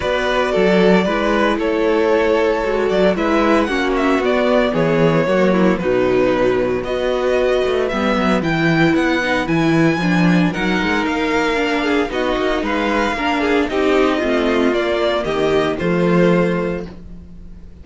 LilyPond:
<<
  \new Staff \with { instrumentName = "violin" } { \time 4/4 \tempo 4 = 114 d''2. cis''4~ | cis''4. d''8 e''4 fis''8 e''8 | d''4 cis''2 b'4~ | b'4 dis''2 e''4 |
g''4 fis''4 gis''2 | fis''4 f''2 dis''4 | f''2 dis''2 | d''4 dis''4 c''2 | }
  \new Staff \with { instrumentName = "violin" } { \time 4/4 b'4 a'4 b'4 a'4~ | a'2 b'4 fis'4~ | fis'4 gis'4 fis'8 e'8 dis'4~ | dis'4 b'2.~ |
b'1 | ais'2~ ais'8 gis'8 fis'4 | b'4 ais'8 gis'8 g'4 f'4~ | f'4 g'4 f'2 | }
  \new Staff \with { instrumentName = "viola" } { \time 4/4 fis'2 e'2~ | e'4 fis'4 e'4 cis'4 | b2 ais4 fis4~ | fis4 fis'2 b4 |
e'4. dis'8 e'4 d'4 | dis'2 d'4 dis'4~ | dis'4 d'4 dis'4 c'4 | ais2 a2 | }
  \new Staff \with { instrumentName = "cello" } { \time 4/4 b4 fis4 gis4 a4~ | a4 gis8 fis8 gis4 ais4 | b4 e4 fis4 b,4~ | b,4 b4. a8 g8 fis8 |
e4 b4 e4 f4 | fis8 gis8 ais2 b8 ais8 | gis4 ais4 c'4 a4 | ais4 dis4 f2 | }
>>